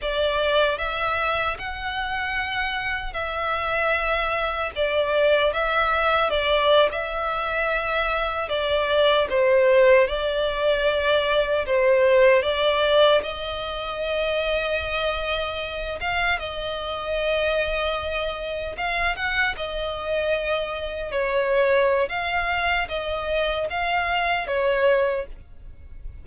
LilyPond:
\new Staff \with { instrumentName = "violin" } { \time 4/4 \tempo 4 = 76 d''4 e''4 fis''2 | e''2 d''4 e''4 | d''8. e''2 d''4 c''16~ | c''8. d''2 c''4 d''16~ |
d''8. dis''2.~ dis''16~ | dis''16 f''8 dis''2. f''16~ | f''16 fis''8 dis''2 cis''4~ cis''16 | f''4 dis''4 f''4 cis''4 | }